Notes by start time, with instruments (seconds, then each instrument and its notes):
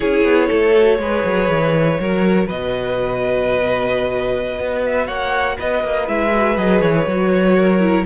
0.00 cello C#4, viola E4, violin G#4 C#5
0.24 cello B3
0.48 cello A3, violin A4
0.76 viola F#4
0.98 cello G#3, viola G#4, violin B4
1.24 cello F#3
1.49 cello E3
1.99 cello F#3, viola F#4, violin A#4
2.46 cello B2, violin B4 D#5
4.59 cello B3
4.85 violin E5
5.06 cello A#3, violin C#5 F#5
5.58 cello B3, violin B4 D#5
5.83 cello A#3
6.06 cello G#3, viola E4, violin E5
6.32 viola F#4
6.57 cello F#3, viola G#4, violin D#5
6.80 cello E3, violin C#5
7.06 cello F#3, viola F#4
7.56 violin A#4
7.80 viola E4